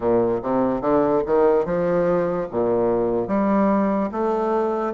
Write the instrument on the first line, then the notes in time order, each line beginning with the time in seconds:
bassoon
0.00 A#2
0.42 C3
0.81 D3
1.26 D#3
1.65 F3
2.50 A#2
3.27 G3
4.11 A3